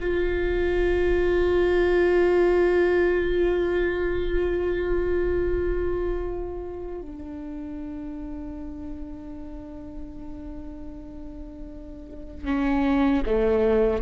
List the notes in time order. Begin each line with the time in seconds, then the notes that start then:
0.00 F4
7.01 D4
12.45 C#4
13.26 A3